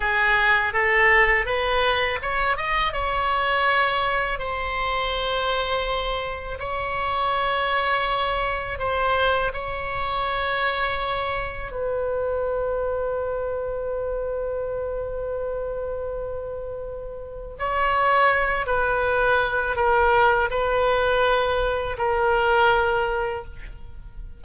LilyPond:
\new Staff \with { instrumentName = "oboe" } { \time 4/4 \tempo 4 = 82 gis'4 a'4 b'4 cis''8 dis''8 | cis''2 c''2~ | c''4 cis''2. | c''4 cis''2. |
b'1~ | b'1 | cis''4. b'4. ais'4 | b'2 ais'2 | }